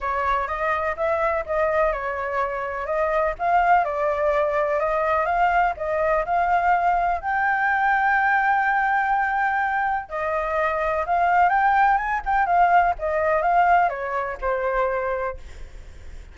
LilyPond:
\new Staff \with { instrumentName = "flute" } { \time 4/4 \tempo 4 = 125 cis''4 dis''4 e''4 dis''4 | cis''2 dis''4 f''4 | d''2 dis''4 f''4 | dis''4 f''2 g''4~ |
g''1~ | g''4 dis''2 f''4 | g''4 gis''8 g''8 f''4 dis''4 | f''4 cis''4 c''2 | }